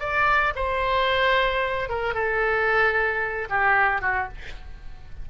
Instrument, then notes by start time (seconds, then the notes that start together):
oboe
0.00 D5
0.56 C5
1.89 A#4
2.15 A4
3.50 G4
4.02 F#4